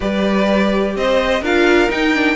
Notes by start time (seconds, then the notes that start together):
0.00 G3 G4 B4 D5
0.95 C4 C5 D#5
1.41 D4 F4 A#4 F5
1.89 D#4 G5
2.14 D4